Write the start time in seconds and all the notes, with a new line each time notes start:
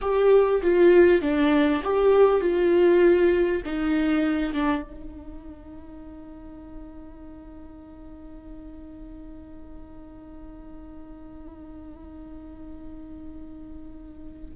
0.01 G4
0.62 F4
1.21 D4
1.83 G4
2.40 F4
3.65 D#4
4.53 D4
4.82 D#4